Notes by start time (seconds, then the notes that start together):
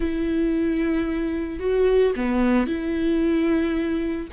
0.00 E4
1.59 F#4
2.16 B3
2.66 E4